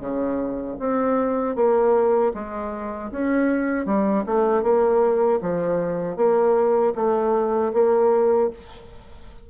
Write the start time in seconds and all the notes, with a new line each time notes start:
0.00 C#3
0.79 C4
1.56 A#3
2.34 G#3
3.12 C#4
3.86 G3
4.27 A3
4.63 A#3
5.42 F3
6.17 A#3
6.96 A3
7.73 A#3